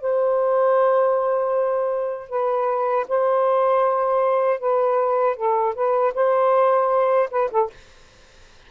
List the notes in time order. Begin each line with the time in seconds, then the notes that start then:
0.00 C5
2.29 B4
3.08 C5
4.59 B4
5.36 A4
5.74 B4
6.14 C5
7.30 B4
7.50 A4